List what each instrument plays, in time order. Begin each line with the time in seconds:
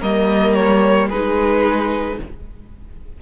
0.00 cello G3, viola A#3, violin A#4 D#5
0.54 violin C#5
1.08 cello G#3, viola D#4, violin G#4 B4